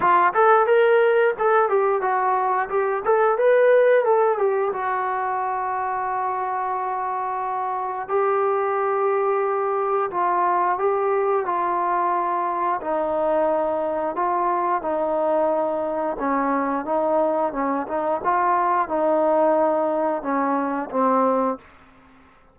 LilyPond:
\new Staff \with { instrumentName = "trombone" } { \time 4/4 \tempo 4 = 89 f'8 a'8 ais'4 a'8 g'8 fis'4 | g'8 a'8 b'4 a'8 g'8 fis'4~ | fis'1 | g'2. f'4 |
g'4 f'2 dis'4~ | dis'4 f'4 dis'2 | cis'4 dis'4 cis'8 dis'8 f'4 | dis'2 cis'4 c'4 | }